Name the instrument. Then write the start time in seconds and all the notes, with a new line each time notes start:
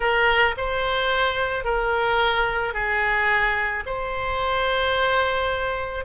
oboe
0.00 A#4
0.57 C5
1.64 A#4
2.73 G#4
3.85 C5